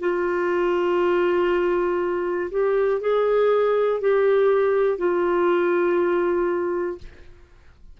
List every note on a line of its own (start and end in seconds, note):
0.00 2.50 F4
2.50 3.00 G4
3.00 4.00 G#4
4.00 4.97 G4
4.97 6.97 F4